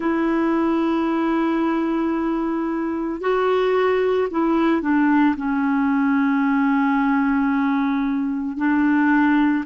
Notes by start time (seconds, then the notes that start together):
0.00 E4
3.20 F#4
4.31 E4
4.81 D4
5.36 C#4
8.57 D4